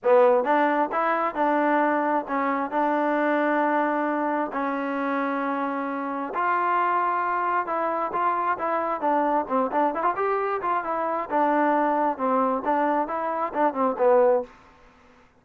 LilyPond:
\new Staff \with { instrumentName = "trombone" } { \time 4/4 \tempo 4 = 133 b4 d'4 e'4 d'4~ | d'4 cis'4 d'2~ | d'2 cis'2~ | cis'2 f'2~ |
f'4 e'4 f'4 e'4 | d'4 c'8 d'8 e'16 f'16 g'4 f'8 | e'4 d'2 c'4 | d'4 e'4 d'8 c'8 b4 | }